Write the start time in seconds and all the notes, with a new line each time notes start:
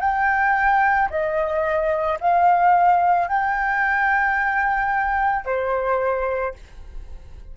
0.00 G5
1.10 D#5
2.21 F5
3.28 G5
5.45 C5